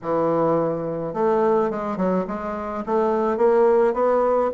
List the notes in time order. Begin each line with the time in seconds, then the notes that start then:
0.02 E3
1.13 A3
1.70 G#3
1.97 F#3
2.27 G#3
2.86 A3
3.37 A#3
3.93 B3